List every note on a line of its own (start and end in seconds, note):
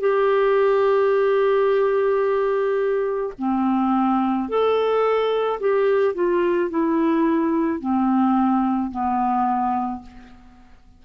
0.00 3.33 G4
3.38 4.48 C4
4.48 5.60 A4
5.60 6.15 G4
6.15 6.70 F4
6.70 7.80 E4
7.80 8.91 C4
8.91 10.02 B3